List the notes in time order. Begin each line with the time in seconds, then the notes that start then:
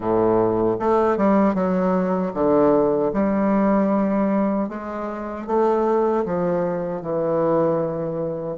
0.00 A2
0.79 A3
1.17 G3
1.54 F#3
2.34 D3
3.13 G3
4.69 G#3
5.47 A3
6.25 F3
7.01 E3